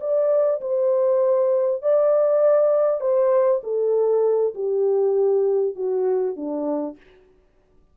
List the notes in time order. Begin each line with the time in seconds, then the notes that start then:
0.00 D5
0.61 C5
1.82 D5
3.01 C5
3.63 A4
4.54 G4
5.75 F#4
6.36 D4